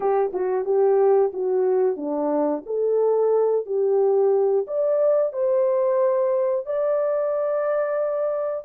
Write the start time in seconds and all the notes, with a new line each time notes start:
0.00 G4
0.33 F#4
0.65 G4
1.33 F#4
1.96 D4
2.66 A4
3.65 G4
4.67 D5
5.32 C5
6.66 D5